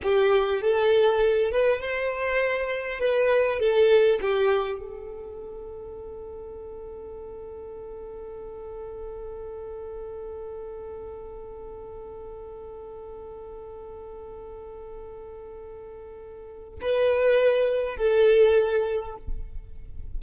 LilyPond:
\new Staff \with { instrumentName = "violin" } { \time 4/4 \tempo 4 = 100 g'4 a'4. b'8 c''4~ | c''4 b'4 a'4 g'4 | a'1~ | a'1~ |
a'1~ | a'1~ | a'1 | b'2 a'2 | }